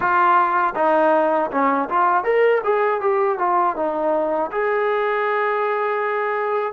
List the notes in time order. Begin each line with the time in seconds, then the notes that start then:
0.00 F4
0.75 D#4
1.51 C#4
1.89 F4
2.24 A#4
2.64 G#4
3.00 G4
3.38 F4
3.75 D#4
4.51 G#4